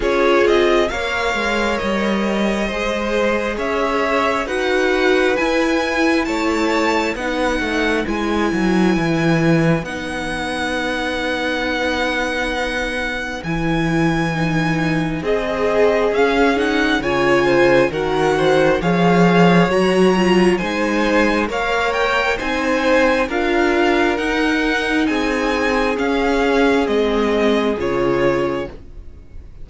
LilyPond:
<<
  \new Staff \with { instrumentName = "violin" } { \time 4/4 \tempo 4 = 67 cis''8 dis''8 f''4 dis''2 | e''4 fis''4 gis''4 a''4 | fis''4 gis''2 fis''4~ | fis''2. gis''4~ |
gis''4 dis''4 f''8 fis''8 gis''4 | fis''4 f''4 ais''4 gis''4 | f''8 g''8 gis''4 f''4 fis''4 | gis''4 f''4 dis''4 cis''4 | }
  \new Staff \with { instrumentName = "violin" } { \time 4/4 gis'4 cis''2 c''4 | cis''4 b'2 cis''4 | b'1~ | b'1~ |
b'4 gis'2 cis''8 c''8 | ais'8 c''8 cis''2 c''4 | cis''4 c''4 ais'2 | gis'1 | }
  \new Staff \with { instrumentName = "viola" } { \time 4/4 f'4 ais'2 gis'4~ | gis'4 fis'4 e'2 | dis'4 e'2 dis'4~ | dis'2. e'4 |
dis'4 gis'4 cis'8 dis'8 f'4 | fis'4 gis'4 fis'8 f'8 dis'4 | ais'4 dis'4 f'4 dis'4~ | dis'4 cis'4 c'4 f'4 | }
  \new Staff \with { instrumentName = "cello" } { \time 4/4 cis'8 c'8 ais8 gis8 g4 gis4 | cis'4 dis'4 e'4 a4 | b8 a8 gis8 fis8 e4 b4~ | b2. e4~ |
e4 c'4 cis'4 cis4 | dis4 f4 fis4 gis4 | ais4 c'4 d'4 dis'4 | c'4 cis'4 gis4 cis4 | }
>>